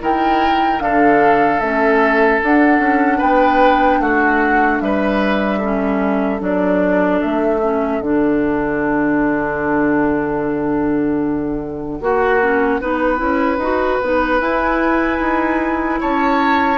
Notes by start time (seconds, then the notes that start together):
0.00 D#3 E4 A#4 G5
0.79 D3 D4 A4 F5
1.59 A3 C#4 E5
2.42 D4 F#5
2.79 C#4
3.17 B3 B4 G5
3.99 A3 F#4 F#5
4.80 G3 B4 E5
5.58 C#4 A4
6.39 F#3 D4 D5
7.21 A3 E5
7.62 C#4
8.00 D3 D4 F#5
12.00 A#3 F#4
12.41 C#4
12.81 B3 D#4 B4
13.17 C#4 E4
13.58 D#4 F#4
14.02 B3 D#4
14.39 E4 G#5
15.19 D#4
16.00 C#4 C#5 A5